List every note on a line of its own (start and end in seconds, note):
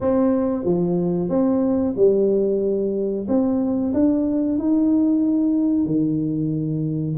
0.00 0.64 C4
0.64 1.29 F3
1.29 1.94 C4
1.96 3.26 G3
3.28 3.93 C4
3.93 4.58 D4
4.58 5.85 D#4
5.85 7.16 D#3